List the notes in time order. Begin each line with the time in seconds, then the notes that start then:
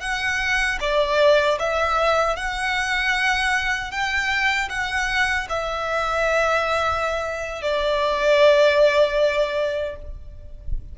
0.00 F#5
0.80 D5
1.59 E5
2.36 F#5
3.91 G5
4.69 F#5
5.49 E5
7.62 D5